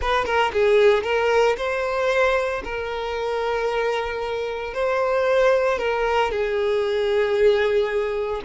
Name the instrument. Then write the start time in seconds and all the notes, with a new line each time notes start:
violin
0.01 B4
0.25 A#4
0.52 G#4
1.03 A#4
1.57 C5
2.64 A#4
4.73 C5
5.78 A#4
6.31 G#4